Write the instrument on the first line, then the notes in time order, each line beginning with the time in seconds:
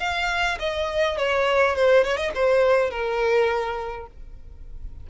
violin
0.00 F5
0.60 D#5
1.18 C#5
1.76 C5
2.05 C#5
2.17 D#5
2.35 C5
2.91 A#4